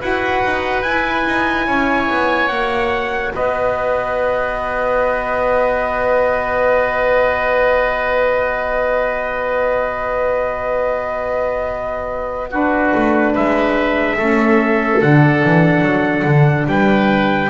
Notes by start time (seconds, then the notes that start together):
0.00 E4 F#4 B4 F#5
0.43 D#4
0.82 E4 G#5
1.26 D#4
1.66 C#4 C#5
2.09 B3
2.48 A#3 F#4 F#5
3.34 B3 B4 D#5
12.50 D4 F#4 B4
12.94 A3
13.33 G#3 B4 E5
14.16 A3 C#4 A4
15.01 D3 D4 F#5
15.44 E3
15.81 F#3
16.24 D3
16.66 G3 B4 G5